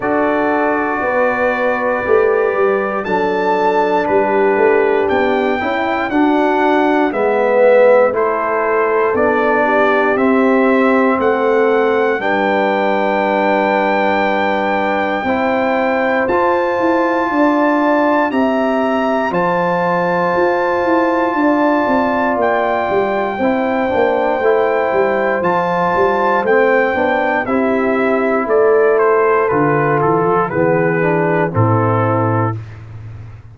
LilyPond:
<<
  \new Staff \with { instrumentName = "trumpet" } { \time 4/4 \tempo 4 = 59 d''2. a''4 | b'4 g''4 fis''4 e''4 | c''4 d''4 e''4 fis''4 | g''1 |
a''2 ais''4 a''4~ | a''2 g''2~ | g''4 a''4 g''4 e''4 | d''8 c''8 b'8 a'8 b'4 a'4 | }
  \new Staff \with { instrumentName = "horn" } { \time 4/4 a'4 b'2 a'4 | g'4. e'8 fis'4 b'4 | a'4. g'4. a'4 | b'2. c''4~ |
c''4 d''4 e''4 c''4~ | c''4 d''2 c''4~ | c''2. g'4 | a'2 gis'4 e'4 | }
  \new Staff \with { instrumentName = "trombone" } { \time 4/4 fis'2 g'4 d'4~ | d'4. e'8 d'4 b4 | e'4 d'4 c'2 | d'2. e'4 |
f'2 g'4 f'4~ | f'2. e'8 d'8 | e'4 f'4 c'8 d'8 e'4~ | e'4 f'4 b8 d'8 c'4 | }
  \new Staff \with { instrumentName = "tuba" } { \time 4/4 d'4 b4 a8 g8 fis4 | g8 a8 b8 cis'8 d'4 gis4 | a4 b4 c'4 a4 | g2. c'4 |
f'8 e'8 d'4 c'4 f4 | f'8 e'8 d'8 c'8 ais8 g8 c'8 ais8 | a8 g8 f8 g8 a8 b8 c'4 | a4 d8 e16 f16 e4 a,4 | }
>>